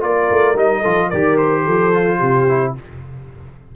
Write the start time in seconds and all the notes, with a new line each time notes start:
0.00 A#3 F4 A#4 D5
0.30 A3
0.56 G3 D#4 D#5
0.81 F3 F4 A4
1.09 D#3 G4 A#4 D5
1.37 C5
1.65 F3 A4
1.93 F4
2.19 C3 G4
2.48 E4